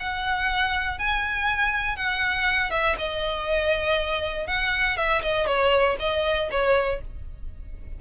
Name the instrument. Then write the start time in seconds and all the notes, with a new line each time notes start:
violin
0.00 F#5
0.99 G#5
1.96 F#5
2.71 E5
2.98 D#5
4.47 F#5
4.97 E5
5.22 D#5
5.47 C#5
6.00 D#5
6.51 C#5